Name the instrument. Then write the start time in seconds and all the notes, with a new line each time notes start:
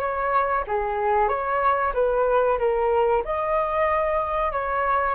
flute
0.00 C#5
0.67 G#4
1.29 C#5
1.94 B4
2.59 A#4
3.25 D#5
4.52 C#5